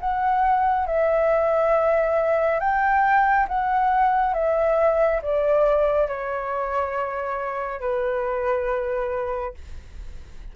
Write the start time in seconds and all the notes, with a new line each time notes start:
0.00 F#5
0.87 E5
2.60 G5
3.48 F#5
4.34 E5
5.22 D5
6.08 C#5
7.80 B4